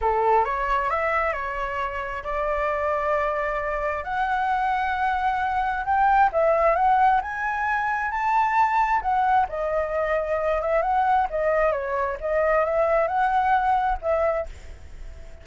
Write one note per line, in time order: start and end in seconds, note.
0.01 0.44 A4
0.44 0.90 C#5
0.90 1.32 E5
1.32 2.23 C#5
2.23 4.04 D5
4.04 5.84 F#5
5.84 6.30 G5
6.32 6.75 E5
6.75 7.20 F#5
7.21 8.11 G#5
8.11 9.01 A5
9.01 9.46 F#5
9.48 10.61 D#5
10.61 10.82 E5
10.82 11.27 F#5
11.30 11.72 D#5
11.72 12.17 C#5
12.20 12.64 D#5
12.64 13.07 E5
13.07 13.97 F#5
14.01 14.46 E5